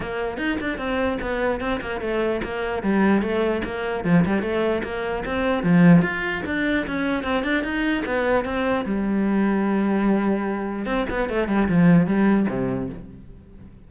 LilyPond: \new Staff \with { instrumentName = "cello" } { \time 4/4 \tempo 4 = 149 ais4 dis'8 d'8 c'4 b4 | c'8 ais8 a4 ais4 g4 | a4 ais4 f8 g8 a4 | ais4 c'4 f4 f'4 |
d'4 cis'4 c'8 d'8 dis'4 | b4 c'4 g2~ | g2. c'8 b8 | a8 g8 f4 g4 c4 | }